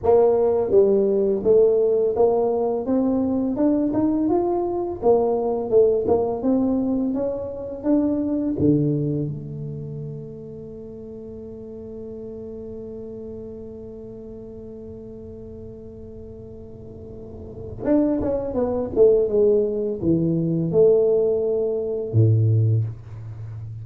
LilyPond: \new Staff \with { instrumentName = "tuba" } { \time 4/4 \tempo 4 = 84 ais4 g4 a4 ais4 | c'4 d'8 dis'8 f'4 ais4 | a8 ais8 c'4 cis'4 d'4 | d4 a2.~ |
a1~ | a1~ | a4 d'8 cis'8 b8 a8 gis4 | e4 a2 a,4 | }